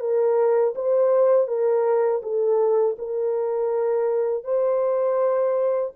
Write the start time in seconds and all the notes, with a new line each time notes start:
0.00 A#4
0.75 C5
1.48 A#4
2.23 A4
2.98 A#4
4.44 C5